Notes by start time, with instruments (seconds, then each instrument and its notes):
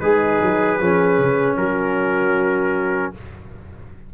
0.00 tuba G#3, horn D#4, trombone G#4, trumpet B4
0.41 tuba F#3
0.78 tuba F3, trombone C#4, horn G#4
1.19 tuba C#3
1.56 tuba F#3, horn F#4, trumpet A#4